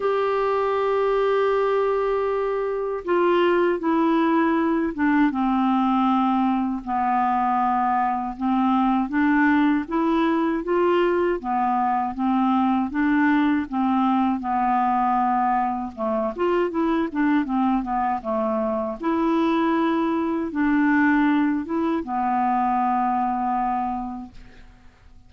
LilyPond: \new Staff \with { instrumentName = "clarinet" } { \time 4/4 \tempo 4 = 79 g'1 | f'4 e'4. d'8 c'4~ | c'4 b2 c'4 | d'4 e'4 f'4 b4 |
c'4 d'4 c'4 b4~ | b4 a8 f'8 e'8 d'8 c'8 b8 | a4 e'2 d'4~ | d'8 e'8 b2. | }